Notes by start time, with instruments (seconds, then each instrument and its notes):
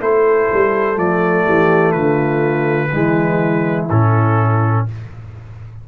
0.00 tuba A3, trombone E4, horn A4, trumpet C5
0.53 tuba G3
0.95 tuba F3, trombone A3, trumpet D5
1.46 tuba E3, horn G4
1.92 tuba D3, horn F4, trumpet B4
2.92 tuba E3, trombone G#3, horn E4
3.90 tuba A2, trombone C#4, trumpet A4